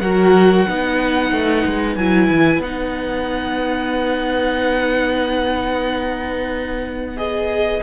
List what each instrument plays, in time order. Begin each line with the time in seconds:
0.00 cello F#3, viola F#4, violin A#4 F#5
0.67 cello B3, viola D#4, violin B4
1.33 cello A3
1.66 cello G#3
1.96 cello F#3, viola E4, violin G#5
2.30 cello E3
2.59 cello B3, violin F#5
2.65 viola D#4
7.17 viola G#4, violin D#5